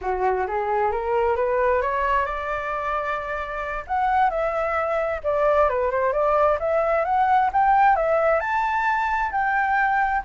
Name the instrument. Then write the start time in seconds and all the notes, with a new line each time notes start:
flute
0.01 F#4
0.47 G#4
0.91 A#4
1.36 B4
1.81 C#5
2.25 D5
3.87 F#5
4.30 E5
5.23 D5
5.69 B4
5.90 C5
6.12 D5
6.59 E5
7.05 F#5
7.52 G5
7.95 E5
8.40 A5
9.31 G5